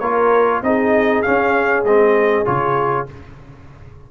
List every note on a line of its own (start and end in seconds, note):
0.00 0.62 A#3
0.00 0.64 F4
0.00 0.62 A#4
0.00 0.61 C#5
0.62 1.23 C4
0.62 1.25 D#4
0.62 3.11 G#4
0.62 1.22 D#5
1.22 1.86 C#4
1.22 1.84 C#4
1.22 1.83 F5
1.84 2.45 G#3
1.84 2.46 C4
1.84 2.46 D#5
2.46 3.09 C#3
2.46 3.07 F4
2.46 3.08 C#5